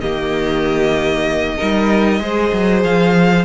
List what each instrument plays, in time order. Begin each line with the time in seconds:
0.00 cello D#3, viola A#3, violin G4 D#5
1.56 cello G3, viola D#4, violin A#4
2.19 cello G#3, viola G#4, violin C5
2.52 cello F#3
2.83 cello F3, violin F5